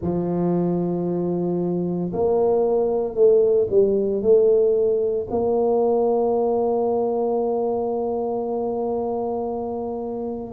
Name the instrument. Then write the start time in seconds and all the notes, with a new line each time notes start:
tuba
0.01 F3
2.13 A#3
3.14 A3
3.70 G3
4.22 A3
5.30 A#3